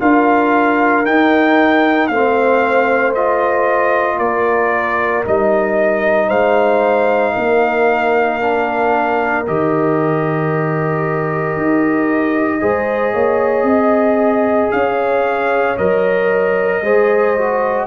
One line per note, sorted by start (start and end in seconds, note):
0.00 1.06 D4
0.00 1.05 F4
0.00 2.11 A#4
0.00 1.05 F5
1.06 2.11 D#4
1.06 2.09 D#4
1.06 2.07 G5
2.07 4.18 A3
2.07 3.16 C4
2.07 4.17 C5
2.07 3.12 F5
3.15 5.25 F4
3.15 4.19 D#5
4.17 5.23 A#3
4.17 6.28 A#4
4.17 5.24 D5
5.25 6.30 G3
5.25 8.41 D#4
5.25 6.30 D#5
6.28 7.36 G#3
6.28 7.33 C5
6.28 9.45 F5
7.33 9.48 A#3
7.33 12.59 A#4
8.41 9.46 D4
9.47 11.57 D#3
9.47 12.61 G4
9.47 14.72 D#5
11.57 12.62 D#4
12.61 13.14 G#3
12.61 15.76 G#4
12.61 13.14 C5
13.14 13.63 A#3
13.14 13.66 C#5
13.63 14.68 C4
13.63 14.72 D#5
14.72 15.78 C#4
14.72 16.84 C#5
14.72 15.77 F5
15.78 16.81 F#3
15.78 16.84 A#4
15.78 17.87 D#5
16.81 17.87 G#3
16.81 17.37 G#4
16.81 17.87 C5
17.37 17.87 F#4